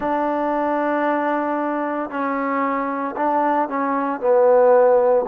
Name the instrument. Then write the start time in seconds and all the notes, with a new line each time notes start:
trombone
0.00 D4
2.10 C#4
3.16 D4
3.68 C#4
4.20 B3